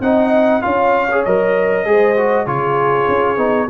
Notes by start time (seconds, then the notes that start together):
0.00 C4 D#4 D#5 F#5
0.61 C#4 F4 C#5 F5
1.11 G#4
1.24 F#3 A#4 D#5
1.85 G#3 G#4 C5
2.16 F#4
2.45 C#3 F4 G#4 C#5
3.08 C#4
3.37 B3 D#4